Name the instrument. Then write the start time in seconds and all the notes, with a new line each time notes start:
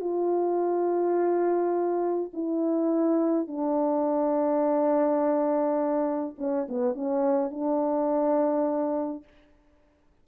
horn
0.00 F4
2.33 E4
3.47 D4
6.38 C#4
6.68 B3
6.95 C#4
7.51 D4